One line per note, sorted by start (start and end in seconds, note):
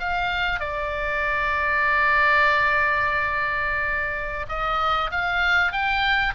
0.00 0.60 F5
0.60 4.47 D5
4.49 5.11 D#5
5.12 5.72 F5
5.72 6.34 G5